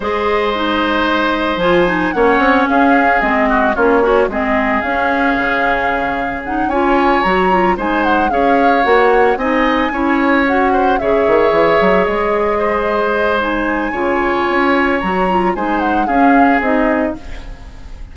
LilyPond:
<<
  \new Staff \with { instrumentName = "flute" } { \time 4/4 \tempo 4 = 112 dis''2. gis''4 | fis''4 f''4 dis''4 cis''4 | dis''4 f''2. | fis''8 gis''4 ais''4 gis''8 fis''8 f''8~ |
f''8 fis''4 gis''2 fis''8~ | fis''8 e''2 dis''4.~ | dis''4 gis''2. | ais''4 gis''8 fis''8 f''4 dis''4 | }
  \new Staff \with { instrumentName = "oboe" } { \time 4/4 c''1 | cis''4 gis'4. fis'8 f'8 cis'8 | gis'1~ | gis'8 cis''2 c''4 cis''8~ |
cis''4. dis''4 cis''4. | c''8 cis''2. c''8~ | c''2 cis''2~ | cis''4 c''4 gis'2 | }
  \new Staff \with { instrumentName = "clarinet" } { \time 4/4 gis'4 dis'2 f'8 dis'8 | cis'2 c'4 cis'8 fis'8 | c'4 cis'2. | dis'8 f'4 fis'8 f'8 dis'4 gis'8~ |
gis'8 fis'4 dis'4 e'4 fis'8~ | fis'8 gis'2.~ gis'8~ | gis'4 dis'4 f'2 | fis'8 f'8 dis'4 cis'4 dis'4 | }
  \new Staff \with { instrumentName = "bassoon" } { \time 4/4 gis2. f4 | ais8 c'8 cis'4 gis4 ais4 | gis4 cis'4 cis2~ | cis8 cis'4 fis4 gis4 cis'8~ |
cis'8 ais4 c'4 cis'4.~ | cis'8 cis8 dis8 e8 fis8 gis4.~ | gis2 cis4 cis'4 | fis4 gis4 cis'4 c'4 | }
>>